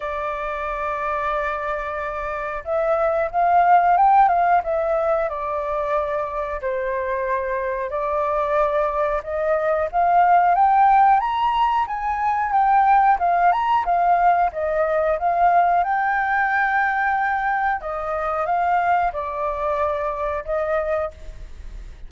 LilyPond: \new Staff \with { instrumentName = "flute" } { \time 4/4 \tempo 4 = 91 d''1 | e''4 f''4 g''8 f''8 e''4 | d''2 c''2 | d''2 dis''4 f''4 |
g''4 ais''4 gis''4 g''4 | f''8 ais''8 f''4 dis''4 f''4 | g''2. dis''4 | f''4 d''2 dis''4 | }